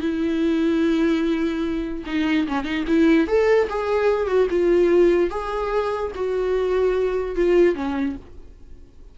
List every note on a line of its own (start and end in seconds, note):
0.00 2.04 E4
2.06 2.47 D#4
2.47 2.64 C#4
2.64 2.84 D#4
2.87 3.27 E4
3.27 3.68 A4
3.69 4.27 G#4
4.27 4.47 F#4
4.50 5.30 F4
5.30 6.12 G#4
6.14 7.36 F#4
7.36 7.75 F4
7.75 8.16 C#4